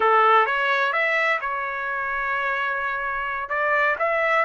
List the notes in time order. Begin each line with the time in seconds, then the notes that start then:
0.00 A4
0.46 C#5
0.92 E5
1.40 C#5
3.49 D5
3.98 E5